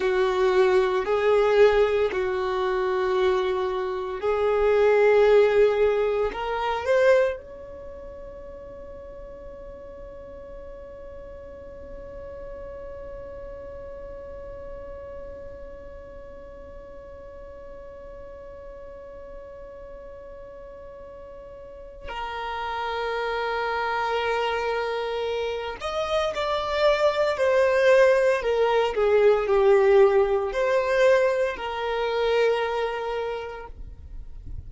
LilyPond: \new Staff \with { instrumentName = "violin" } { \time 4/4 \tempo 4 = 57 fis'4 gis'4 fis'2 | gis'2 ais'8 c''8 cis''4~ | cis''1~ | cis''1~ |
cis''1~ | cis''4 ais'2.~ | ais'8 dis''8 d''4 c''4 ais'8 gis'8 | g'4 c''4 ais'2 | }